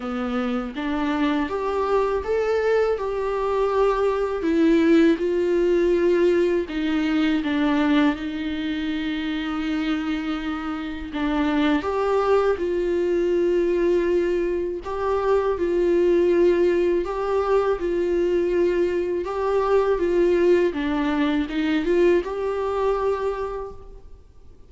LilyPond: \new Staff \with { instrumentName = "viola" } { \time 4/4 \tempo 4 = 81 b4 d'4 g'4 a'4 | g'2 e'4 f'4~ | f'4 dis'4 d'4 dis'4~ | dis'2. d'4 |
g'4 f'2. | g'4 f'2 g'4 | f'2 g'4 f'4 | d'4 dis'8 f'8 g'2 | }